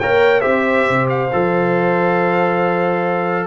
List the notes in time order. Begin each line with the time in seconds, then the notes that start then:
0.00 A#3 A#4 C#5 G5
0.41 C4 G4 C5 E5
0.89 C3
1.10 F5
1.33 F3 A4